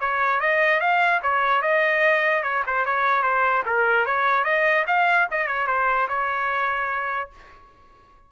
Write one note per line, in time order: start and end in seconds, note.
0.00 0.40 C#5
0.40 0.80 D#5
0.80 1.21 F5
1.23 1.62 C#5
1.62 2.43 D#5
2.43 2.63 C#5
2.66 2.85 C5
2.85 3.22 C#5
3.22 3.63 C5
3.66 4.06 A#4
4.06 4.44 C#5
4.44 4.85 D#5
4.87 5.28 F5
5.31 5.47 D#5
5.47 5.67 C#5
5.67 6.08 C5
6.08 7.30 C#5